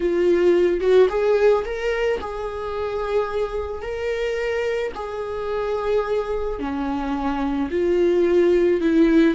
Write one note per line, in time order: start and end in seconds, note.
0.00 0.80 F4
0.80 1.08 F#4
1.09 1.64 G#4
1.64 2.19 A#4
2.20 3.82 G#4
3.82 4.92 A#4
4.94 6.59 G#4
6.59 7.69 C#4
7.70 8.80 F4
8.80 9.35 E4